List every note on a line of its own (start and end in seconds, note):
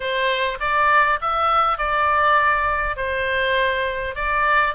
0.00 0.58 C5
0.60 1.19 D5
1.21 1.78 E5
1.78 2.96 D5
2.96 4.15 C5
4.15 4.74 D5